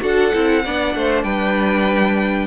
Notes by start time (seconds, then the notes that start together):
0.00 D4 F#4 A4 F#5
0.34 C4 E4
0.65 B3 D4 D5
0.95 A3 C5
1.24 G3 B4 G5